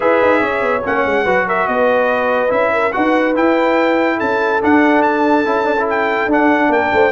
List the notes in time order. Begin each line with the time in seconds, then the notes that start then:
0.00 E4 G#4 B4 E5
0.21 D#4
0.40 C#4 C#5
0.61 B3
0.84 A#3 C#4 F#5
1.05 G#3
1.23 F#3 F#4 B4
1.47 A#4 E5
1.67 B3 B4 D#5
2.48 C#4 E4 E5
2.73 A#4
2.92 D#4 F#4 B4 F#5
3.35 E4 G5
4.17 C#4 A4 A5
4.62 D4 F#5
5.02 A5
5.45 C#4 E4
5.64 D4
5.79 E4
5.89 G5
6.26 D4
6.32 F#5
6.69 A#3 A#4 G5
6.93 A3 C5